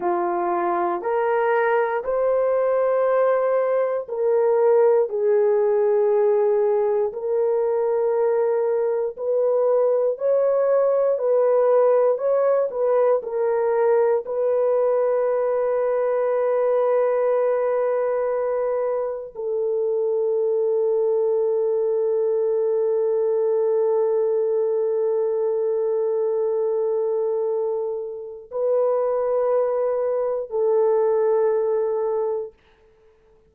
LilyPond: \new Staff \with { instrumentName = "horn" } { \time 4/4 \tempo 4 = 59 f'4 ais'4 c''2 | ais'4 gis'2 ais'4~ | ais'4 b'4 cis''4 b'4 | cis''8 b'8 ais'4 b'2~ |
b'2. a'4~ | a'1~ | a'1 | b'2 a'2 | }